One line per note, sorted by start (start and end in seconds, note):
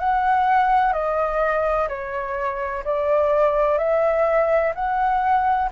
0.00 0.93 F#5
0.93 1.88 D#5
1.89 2.84 C#5
2.84 3.78 D5
3.78 4.74 E5
4.75 5.70 F#5